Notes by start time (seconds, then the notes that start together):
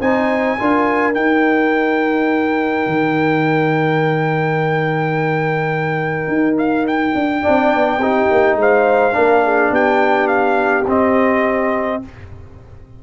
0.00 C4 D#4 C5 G#5
0.58 D4 F4 A#4
1.13 D#4 G5
2.86 D#3
6.27 D#4
6.58 F5
6.87 G5
7.14 D4
7.42 D4 D5
7.48 C4
7.74 B3
7.97 C4 D#4 G4
8.31 A#3
8.55 G#3 C5 F5
9.12 A#3 D4 A#4
9.44 G#4
9.70 B3 G4 G5
10.27 F5
10.86 C4 D#5